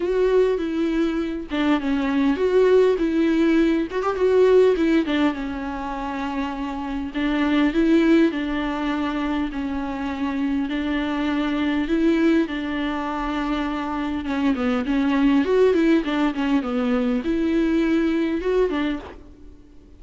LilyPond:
\new Staff \with { instrumentName = "viola" } { \time 4/4 \tempo 4 = 101 fis'4 e'4. d'8 cis'4 | fis'4 e'4. fis'16 g'16 fis'4 | e'8 d'8 cis'2. | d'4 e'4 d'2 |
cis'2 d'2 | e'4 d'2. | cis'8 b8 cis'4 fis'8 e'8 d'8 cis'8 | b4 e'2 fis'8 d'8 | }